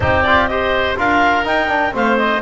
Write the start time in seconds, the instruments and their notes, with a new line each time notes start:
0.00 double bass C4, trombone D#4, oboe G4, clarinet C5
0.23 trombone F4, clarinet D5
0.47 trombone G4, oboe C5, clarinet D#5
0.96 double bass D4, trombone F4, oboe A#4, clarinet F5
1.44 trombone D#4, double bass D#4, clarinet G5
1.68 trombone D4
1.92 double bass A3, trombone C4, oboe C5, clarinet F5
2.17 clarinet D#5